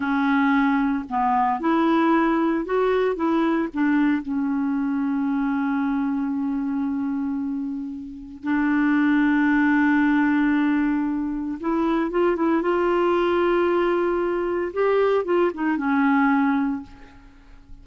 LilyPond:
\new Staff \with { instrumentName = "clarinet" } { \time 4/4 \tempo 4 = 114 cis'2 b4 e'4~ | e'4 fis'4 e'4 d'4 | cis'1~ | cis'1 |
d'1~ | d'2 e'4 f'8 e'8 | f'1 | g'4 f'8 dis'8 cis'2 | }